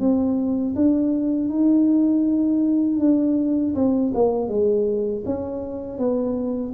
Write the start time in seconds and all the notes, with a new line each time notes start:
0.00 C4
0.76 D4
1.49 D#4
3.00 D4
3.75 C4
4.15 A#3
4.48 G#3
5.25 C#4
5.98 B3